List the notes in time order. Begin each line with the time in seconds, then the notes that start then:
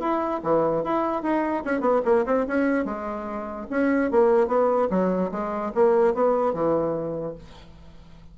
0.00 E4
0.43 E3
0.84 E4
1.23 D#4
1.65 C#4
1.81 B3
2.05 A#3
2.26 C4
2.47 C#4
2.85 G#3
3.71 C#4
4.11 A#3
4.48 B3
4.90 F#3
5.32 G#3
5.75 A#3
6.14 B3
6.53 E3